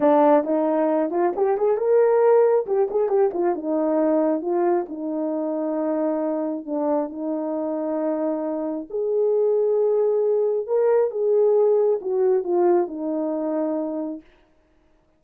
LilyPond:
\new Staff \with { instrumentName = "horn" } { \time 4/4 \tempo 4 = 135 d'4 dis'4. f'8 g'8 gis'8 | ais'2 g'8 gis'8 g'8 f'8 | dis'2 f'4 dis'4~ | dis'2. d'4 |
dis'1 | gis'1 | ais'4 gis'2 fis'4 | f'4 dis'2. | }